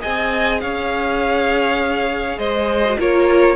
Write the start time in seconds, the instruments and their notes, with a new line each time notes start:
0.00 cello C4, viola G#4, violin D#5 G#5
0.61 cello C#4, violin C#5 F5
2.38 cello G#3, violin C5 D#5
2.85 viola F#4
2.99 cello A#3, viola F4, violin A#4 C#5